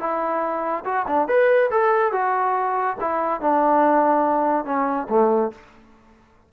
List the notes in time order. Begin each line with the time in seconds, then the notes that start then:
0.00 E4
0.85 F#4
1.08 D4
1.28 B4
1.71 A4
2.13 F#4
3.01 E4
3.41 D4
4.65 C#4
5.10 A3